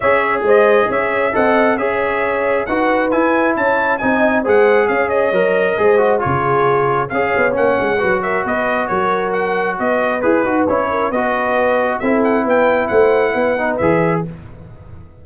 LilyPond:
<<
  \new Staff \with { instrumentName = "trumpet" } { \time 4/4 \tempo 4 = 135 e''4 dis''4 e''4 fis''4 | e''2 fis''4 gis''4 | a''4 gis''4 fis''4 f''8 dis''8~ | dis''2 cis''2 |
f''4 fis''4. e''8 dis''4 | cis''4 fis''4 dis''4 b'4 | cis''4 dis''2 e''8 fis''8 | g''4 fis''2 e''4 | }
  \new Staff \with { instrumentName = "horn" } { \time 4/4 cis''4 c''4 cis''4 dis''4 | cis''2 b'2 | cis''4 dis''4 c''4 cis''4~ | cis''4 c''4 gis'2 |
cis''2 b'8 ais'8 b'4 | ais'2 b'2~ | b'8 ais'8 b'2 a'4 | b'4 c''4 b'2 | }
  \new Staff \with { instrumentName = "trombone" } { \time 4/4 gis'2. a'4 | gis'2 fis'4 e'4~ | e'4 dis'4 gis'2 | ais'4 gis'8 fis'8 f'2 |
gis'4 cis'4 fis'2~ | fis'2. gis'8 fis'8 | e'4 fis'2 e'4~ | e'2~ e'8 dis'8 gis'4 | }
  \new Staff \with { instrumentName = "tuba" } { \time 4/4 cis'4 gis4 cis'4 c'4 | cis'2 dis'4 e'4 | cis'4 c'4 gis4 cis'4 | fis4 gis4 cis2 |
cis'8 b8 ais8 gis8 fis4 b4 | fis2 b4 e'8 dis'8 | cis'4 b2 c'4 | b4 a4 b4 e4 | }
>>